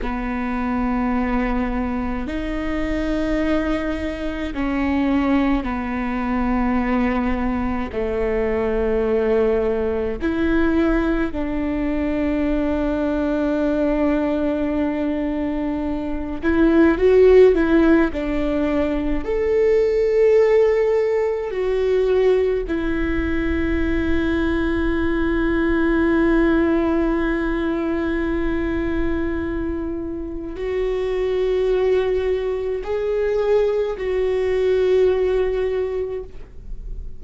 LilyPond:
\new Staff \with { instrumentName = "viola" } { \time 4/4 \tempo 4 = 53 b2 dis'2 | cis'4 b2 a4~ | a4 e'4 d'2~ | d'2~ d'8 e'8 fis'8 e'8 |
d'4 a'2 fis'4 | e'1~ | e'2. fis'4~ | fis'4 gis'4 fis'2 | }